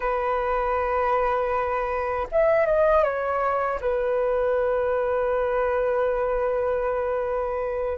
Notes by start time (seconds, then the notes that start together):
0.00 B4
2.31 E5
2.65 D#5
3.03 C#5
3.80 B4